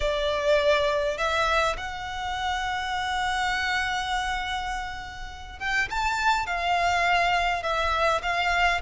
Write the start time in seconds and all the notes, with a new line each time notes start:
0.00 D5
1.17 E5
1.77 F#5
5.59 G5
5.90 A5
6.46 F5
7.62 E5
8.22 F5